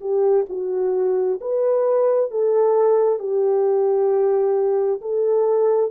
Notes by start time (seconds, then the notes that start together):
0.00 G4
0.49 F#4
1.40 B4
2.31 A4
3.19 G4
5.01 A4